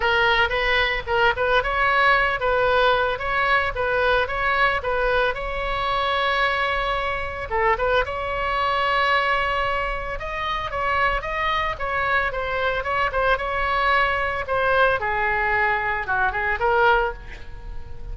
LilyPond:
\new Staff \with { instrumentName = "oboe" } { \time 4/4 \tempo 4 = 112 ais'4 b'4 ais'8 b'8 cis''4~ | cis''8 b'4. cis''4 b'4 | cis''4 b'4 cis''2~ | cis''2 a'8 b'8 cis''4~ |
cis''2. dis''4 | cis''4 dis''4 cis''4 c''4 | cis''8 c''8 cis''2 c''4 | gis'2 fis'8 gis'8 ais'4 | }